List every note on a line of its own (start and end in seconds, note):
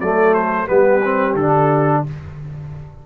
0.00 0.67 F#3
0.00 0.67 A3
0.00 0.67 A4
0.00 0.34 D5
0.34 0.67 C5
0.67 1.34 G3
0.67 1.00 B3
0.67 2.02 G4
0.67 1.35 B4
1.04 1.38 C4
1.34 2.02 D3
1.34 2.06 D4
1.34 2.03 A4